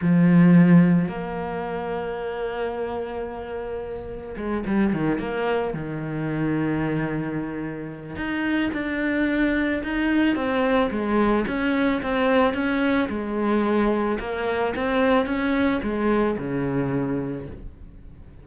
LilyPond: \new Staff \with { instrumentName = "cello" } { \time 4/4 \tempo 4 = 110 f2 ais2~ | ais1 | gis8 g8 dis8 ais4 dis4.~ | dis2. dis'4 |
d'2 dis'4 c'4 | gis4 cis'4 c'4 cis'4 | gis2 ais4 c'4 | cis'4 gis4 cis2 | }